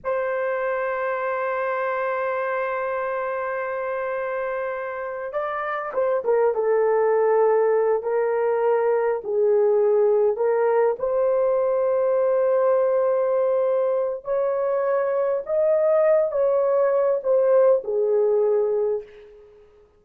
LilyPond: \new Staff \with { instrumentName = "horn" } { \time 4/4 \tempo 4 = 101 c''1~ | c''1~ | c''4 d''4 c''8 ais'8 a'4~ | a'4. ais'2 gis'8~ |
gis'4. ais'4 c''4.~ | c''1 | cis''2 dis''4. cis''8~ | cis''4 c''4 gis'2 | }